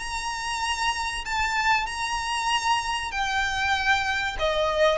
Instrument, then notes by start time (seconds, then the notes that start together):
violin
0.00 A#5
1.25 A5
1.87 A#5
3.12 G5
4.40 D#5